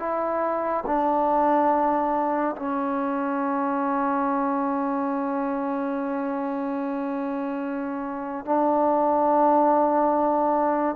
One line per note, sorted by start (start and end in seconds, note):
0.00 0.84 E4
0.87 2.56 D4
2.56 8.46 C#4
8.46 10.96 D4